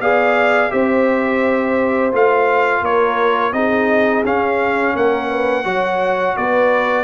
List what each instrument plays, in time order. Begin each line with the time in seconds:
0.00 tuba B3, trombone G#4, horn D5, trumpet F5
0.70 tuba C4, trombone G4, horn C5, trumpet E5
2.12 tuba A3, trombone F4, trumpet F5
2.81 tuba A#3, horn A#4, trumpet C#5
3.53 tuba C4, trombone D#4, horn G#4, trumpet D#5
4.24 tuba C#4, trombone C#4, trumpet F5
4.96 tuba A#3, horn A#4, trumpet F#5
5.29 horn B4
5.64 tuba F#3, trombone F#4, horn C#5
6.37 tuba B3, horn B4, trumpet D5